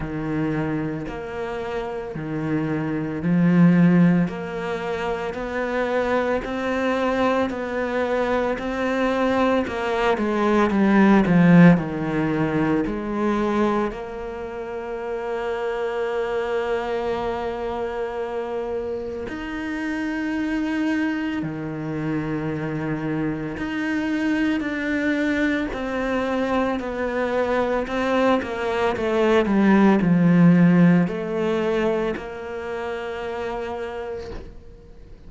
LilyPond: \new Staff \with { instrumentName = "cello" } { \time 4/4 \tempo 4 = 56 dis4 ais4 dis4 f4 | ais4 b4 c'4 b4 | c'4 ais8 gis8 g8 f8 dis4 | gis4 ais2.~ |
ais2 dis'2 | dis2 dis'4 d'4 | c'4 b4 c'8 ais8 a8 g8 | f4 a4 ais2 | }